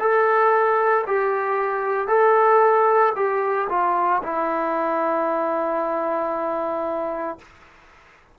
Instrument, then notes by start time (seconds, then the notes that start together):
trombone
0.00 A4
1.07 G4
2.08 A4
3.16 G4
3.70 F4
4.23 E4